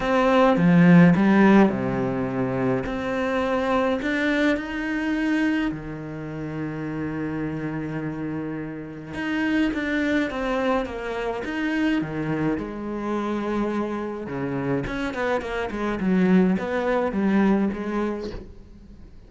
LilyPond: \new Staff \with { instrumentName = "cello" } { \time 4/4 \tempo 4 = 105 c'4 f4 g4 c4~ | c4 c'2 d'4 | dis'2 dis2~ | dis1 |
dis'4 d'4 c'4 ais4 | dis'4 dis4 gis2~ | gis4 cis4 cis'8 b8 ais8 gis8 | fis4 b4 g4 gis4 | }